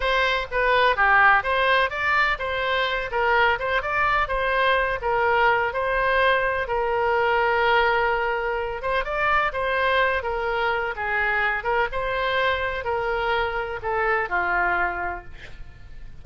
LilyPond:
\new Staff \with { instrumentName = "oboe" } { \time 4/4 \tempo 4 = 126 c''4 b'4 g'4 c''4 | d''4 c''4. ais'4 c''8 | d''4 c''4. ais'4. | c''2 ais'2~ |
ais'2~ ais'8 c''8 d''4 | c''4. ais'4. gis'4~ | gis'8 ais'8 c''2 ais'4~ | ais'4 a'4 f'2 | }